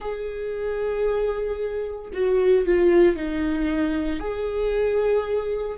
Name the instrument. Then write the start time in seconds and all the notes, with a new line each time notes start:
viola
0.00 G#4
2.13 F#4
2.66 F4
3.16 D#4
4.19 G#4